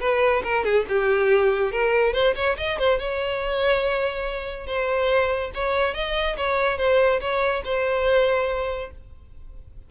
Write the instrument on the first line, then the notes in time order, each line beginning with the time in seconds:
violin
0.00 B4
0.44 A#4
0.64 G#4
0.88 G4
1.71 A#4
2.13 C5
2.35 C#5
2.57 D#5
2.78 C5
2.99 C#5
4.66 C5
5.54 C#5
5.94 D#5
6.37 C#5
6.78 C5
7.20 C#5
7.64 C5